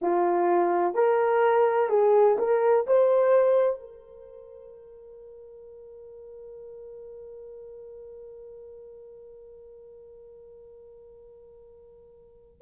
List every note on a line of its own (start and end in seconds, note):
0.01 0.94 F4
0.94 1.89 A#4
1.89 2.36 G#4
2.38 2.86 A#4
2.86 3.80 C5
3.80 12.61 A#4